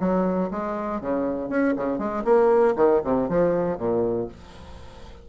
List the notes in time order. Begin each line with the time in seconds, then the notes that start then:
0.00 F#3
0.51 G#3
1.01 C#3
1.49 C#4
1.77 C#3
1.99 G#3
2.25 A#3
2.76 D#3
3.04 C3
3.29 F3
3.78 A#2